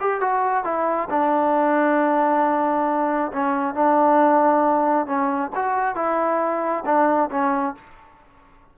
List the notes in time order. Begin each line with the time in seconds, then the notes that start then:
0.00 G4
0.20 F#4
0.64 E4
1.09 D4
3.33 C#4
3.74 D4
5.06 C#4
5.55 F#4
5.95 E4
6.85 D4
7.30 C#4